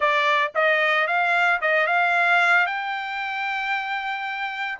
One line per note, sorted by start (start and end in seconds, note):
0.00 0.52 D5
0.54 1.07 D#5
1.07 1.60 F5
1.61 1.87 D#5
1.87 2.66 F5
2.66 4.78 G5